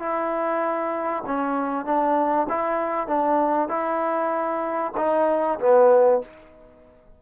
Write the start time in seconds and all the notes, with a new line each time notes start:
0.00 E4
1.27 C#4
1.86 D4
2.49 E4
3.08 D4
3.69 E4
4.97 D#4
5.60 B3